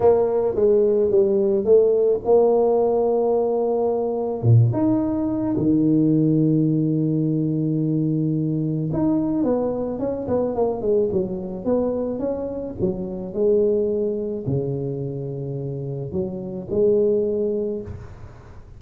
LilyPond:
\new Staff \with { instrumentName = "tuba" } { \time 4/4 \tempo 4 = 108 ais4 gis4 g4 a4 | ais1 | ais,8 dis'4. dis2~ | dis1 |
dis'4 b4 cis'8 b8 ais8 gis8 | fis4 b4 cis'4 fis4 | gis2 cis2~ | cis4 fis4 gis2 | }